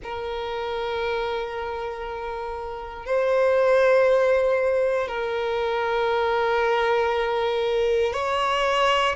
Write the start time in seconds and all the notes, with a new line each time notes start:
0.03 A#4
3.05 C5
5.08 A#4
8.13 C#5